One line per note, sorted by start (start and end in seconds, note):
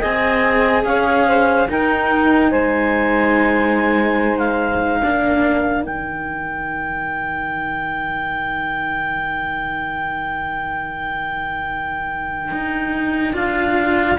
0.00 0.85 C4
0.00 1.69 G#4
0.00 0.83 D#5
0.00 0.85 G#5
0.85 1.68 C#4
0.85 1.28 C#5
0.85 1.69 F5
1.28 1.69 C5
1.69 2.52 D#4
1.69 5.03 D#4
1.69 2.51 A#4
1.69 2.52 G5
2.51 5.02 G#3
2.51 5.00 C5
2.51 4.38 G#5
4.38 5.84 F5
5.00 5.87 A#3
5.00 5.84 D4
5.00 14.17 A#4
5.84 12.52 D#3
5.84 13.34 D#4
5.84 13.36 G5
12.52 13.35 D#4
13.34 14.18 D4
13.34 14.17 F4
13.34 14.19 F5